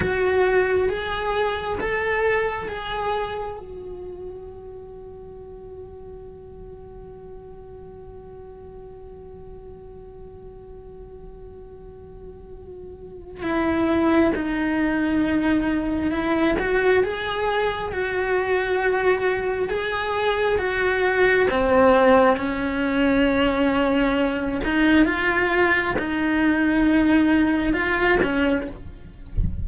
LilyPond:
\new Staff \with { instrumentName = "cello" } { \time 4/4 \tempo 4 = 67 fis'4 gis'4 a'4 gis'4 | fis'1~ | fis'1~ | fis'2. e'4 |
dis'2 e'8 fis'8 gis'4 | fis'2 gis'4 fis'4 | c'4 cis'2~ cis'8 dis'8 | f'4 dis'2 f'8 cis'8 | }